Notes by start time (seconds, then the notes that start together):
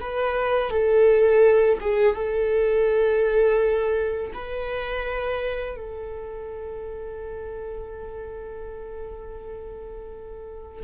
0.00 B4
0.70 A4
1.80 G#4
2.15 A4
4.34 B4
5.76 A4